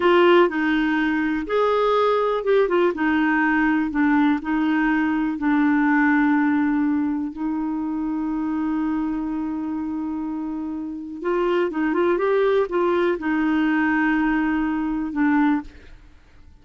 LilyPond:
\new Staff \with { instrumentName = "clarinet" } { \time 4/4 \tempo 4 = 123 f'4 dis'2 gis'4~ | gis'4 g'8 f'8 dis'2 | d'4 dis'2 d'4~ | d'2. dis'4~ |
dis'1~ | dis'2. f'4 | dis'8 f'8 g'4 f'4 dis'4~ | dis'2. d'4 | }